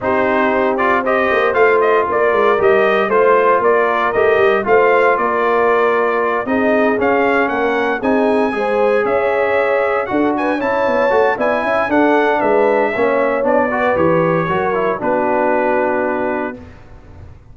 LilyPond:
<<
  \new Staff \with { instrumentName = "trumpet" } { \time 4/4 \tempo 4 = 116 c''4. d''8 dis''4 f''8 dis''8 | d''4 dis''4 c''4 d''4 | dis''4 f''4 d''2~ | d''8 dis''4 f''4 fis''4 gis''8~ |
gis''4. e''2 fis''8 | gis''8 a''4. gis''4 fis''4 | e''2 d''4 cis''4~ | cis''4 b'2. | }
  \new Staff \with { instrumentName = "horn" } { \time 4/4 g'2 c''2 | ais'2 c''4 ais'4~ | ais'4 c''4 ais'2~ | ais'8 gis'2 ais'4 gis'8~ |
gis'8 c''4 cis''2 a'8 | b'8 cis''4. d''8 e''8 a'4 | b'4 cis''4. b'4. | ais'4 fis'2. | }
  \new Staff \with { instrumentName = "trombone" } { \time 4/4 dis'4. f'8 g'4 f'4~ | f'4 g'4 f'2 | g'4 f'2.~ | f'8 dis'4 cis'2 dis'8~ |
dis'8 gis'2. fis'8~ | fis'8 e'4 fis'8 e'4 d'4~ | d'4 cis'4 d'8 fis'8 g'4 | fis'8 e'8 d'2. | }
  \new Staff \with { instrumentName = "tuba" } { \time 4/4 c'2~ c'8 ais8 a4 | ais8 gis8 g4 a4 ais4 | a8 g8 a4 ais2~ | ais8 c'4 cis'4 ais4 c'8~ |
c'8 gis4 cis'2 d'8~ | d'8 cis'8 b8 a8 b8 cis'8 d'4 | gis4 ais4 b4 e4 | fis4 b2. | }
>>